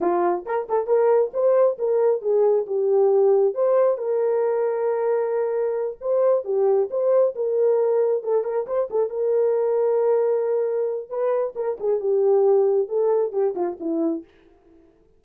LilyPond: \new Staff \with { instrumentName = "horn" } { \time 4/4 \tempo 4 = 135 f'4 ais'8 a'8 ais'4 c''4 | ais'4 gis'4 g'2 | c''4 ais'2.~ | ais'4. c''4 g'4 c''8~ |
c''8 ais'2 a'8 ais'8 c''8 | a'8 ais'2.~ ais'8~ | ais'4 b'4 ais'8 gis'8 g'4~ | g'4 a'4 g'8 f'8 e'4 | }